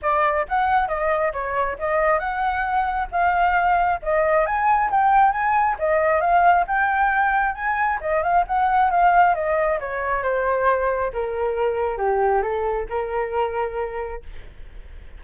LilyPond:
\new Staff \with { instrumentName = "flute" } { \time 4/4 \tempo 4 = 135 d''4 fis''4 dis''4 cis''4 | dis''4 fis''2 f''4~ | f''4 dis''4 gis''4 g''4 | gis''4 dis''4 f''4 g''4~ |
g''4 gis''4 dis''8 f''8 fis''4 | f''4 dis''4 cis''4 c''4~ | c''4 ais'2 g'4 | a'4 ais'2. | }